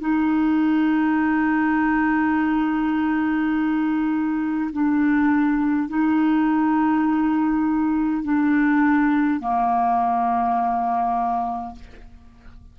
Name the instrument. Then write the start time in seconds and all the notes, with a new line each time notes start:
clarinet
0.00 D#4
4.72 D4
5.89 D#4
8.24 D4
9.40 A#3